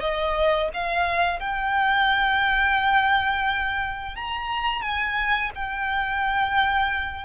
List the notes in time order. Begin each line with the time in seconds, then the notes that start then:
0.00 D#5
0.73 F5
1.39 G5
4.16 A#5
4.82 G#5
5.55 G5